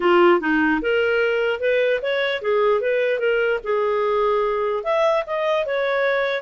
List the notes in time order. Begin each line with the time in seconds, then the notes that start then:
0.00 F4
0.40 D#4
0.81 A#4
1.60 B4
2.01 C#5
2.41 G#4
2.80 B4
3.19 A#4
3.63 G#4
4.83 E5
5.26 D#5
5.66 C#5